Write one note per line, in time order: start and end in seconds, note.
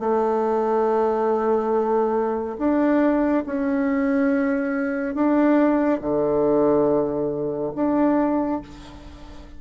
0.00 2.57 A3
2.59 3.44 D4
3.46 5.15 C#4
5.15 6.01 D4
6.01 7.73 D3
7.76 8.61 D4